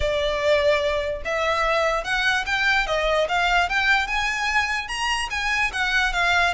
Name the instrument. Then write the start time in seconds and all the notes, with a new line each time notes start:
violin
0.00 D5
1.24 E5
2.04 F#5
2.46 G5
2.87 D#5
3.28 F5
3.69 G5
4.07 G#5
4.88 A#5
5.30 G#5
5.72 F#5
6.13 F5